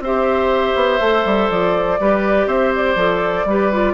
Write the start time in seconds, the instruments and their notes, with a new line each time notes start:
0.00 bassoon C4, clarinet G4, oboe C5, flute E5
0.75 bassoon B3
1.00 bassoon A3, clarinet A4
1.25 bassoon G3
1.50 bassoon F3, flute D5
1.99 bassoon G3, clarinet G4, oboe B4
2.46 bassoon C4, oboe C5, flute E5
2.75 flute D5
2.95 bassoon F3, clarinet A4
3.45 bassoon G3, clarinet G4, oboe B4
3.73 clarinet F4